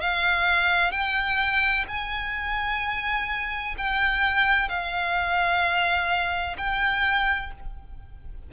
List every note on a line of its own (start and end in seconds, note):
0.00 0.91 F5
0.91 1.85 G5
1.87 3.75 G#5
3.78 4.68 G5
4.68 6.56 F5
6.57 7.51 G5